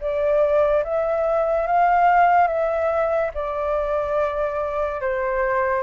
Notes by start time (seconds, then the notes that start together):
0.00 D5
0.84 E5
1.67 F5
2.47 E5
3.34 D5
5.01 C5